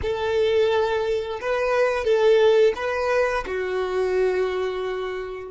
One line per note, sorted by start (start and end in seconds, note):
0.02 1.39 A4
1.40 2.04 B4
2.04 2.73 A4
2.75 3.44 B4
3.46 5.50 F#4